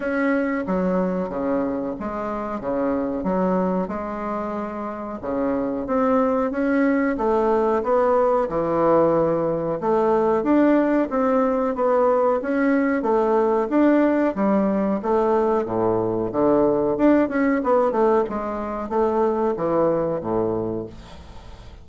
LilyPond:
\new Staff \with { instrumentName = "bassoon" } { \time 4/4 \tempo 4 = 92 cis'4 fis4 cis4 gis4 | cis4 fis4 gis2 | cis4 c'4 cis'4 a4 | b4 e2 a4 |
d'4 c'4 b4 cis'4 | a4 d'4 g4 a4 | a,4 d4 d'8 cis'8 b8 a8 | gis4 a4 e4 a,4 | }